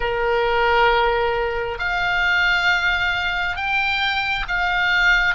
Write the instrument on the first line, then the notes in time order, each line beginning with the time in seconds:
oboe
0.00 A#4
1.79 F5
3.56 G5
4.48 F5